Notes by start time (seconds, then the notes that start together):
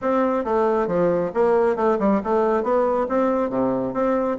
0.01 C4
0.44 A3
0.87 F3
1.34 A#3
1.76 A3
1.99 G3
2.23 A3
2.63 B3
3.08 C4
3.49 C3
3.93 C4